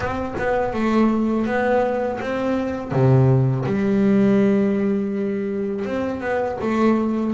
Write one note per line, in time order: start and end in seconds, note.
0.00 0.34 C4
0.38 0.73 B3
0.73 1.46 A3
1.46 2.19 B3
2.21 2.91 C4
2.91 3.64 C3
3.65 5.85 G3
5.85 6.20 C4
6.20 6.57 B3
6.61 7.33 A3